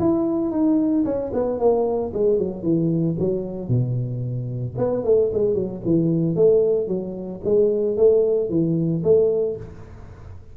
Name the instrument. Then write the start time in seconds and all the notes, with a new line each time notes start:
tuba
0.00 E4
0.52 D#4
1.05 C#4
1.33 B3
1.60 A#3
2.14 G#3
2.39 F#3
2.63 E3
3.20 F#3
3.69 B2
4.78 B3
5.05 A3
5.34 G#3
5.55 F#3
5.85 E3
6.36 A3
6.88 F#3
7.45 G#3
7.97 A3
8.50 E3
9.04 A3